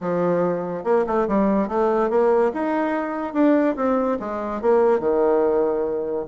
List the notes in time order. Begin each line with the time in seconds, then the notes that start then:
0.00 F3
0.84 A#3
1.06 A3
1.28 G3
1.68 A3
2.09 A#3
2.53 D#4
3.33 D4
3.76 C4
4.19 G#3
4.61 A#3
4.99 D#3